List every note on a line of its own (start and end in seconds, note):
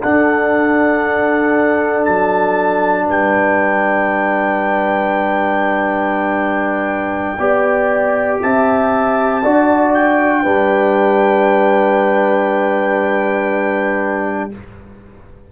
0.00 7.37 D4
0.00 2.08 D4
0.00 3.05 A4
0.00 2.05 F#5
2.05 3.08 F#3
2.05 3.07 A5
3.05 7.39 G3
3.05 7.37 B4
3.05 8.43 G5
7.39 8.40 B3
7.39 9.43 G4
7.39 8.41 D5
8.43 9.45 C4
8.43 9.44 E5
8.43 9.94 A5
9.44 10.46 D4
9.44 10.45 F#4
9.44 10.43 D5
9.94 14.52 G5
10.43 14.52 G3
10.43 14.52 D4
10.43 14.50 B4